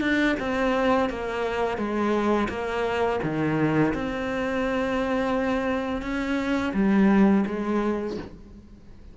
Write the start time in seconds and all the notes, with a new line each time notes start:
0.00 D4
0.39 C4
1.09 A#3
1.77 G#3
2.49 A#3
3.23 D#3
3.94 C4
6.02 C#4
6.73 G3
7.46 G#3